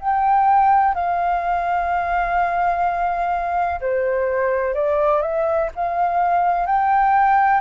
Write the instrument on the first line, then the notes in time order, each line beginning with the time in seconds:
flute
0.00 G5
0.95 F5
3.81 C5
4.74 D5
5.22 E5
5.76 F5
6.66 G5